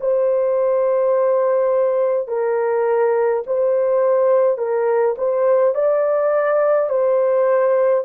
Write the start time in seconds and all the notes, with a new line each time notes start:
0.00 C5
2.28 A#4
3.47 C5
4.58 A#4
5.18 C5
5.74 D5
6.89 C5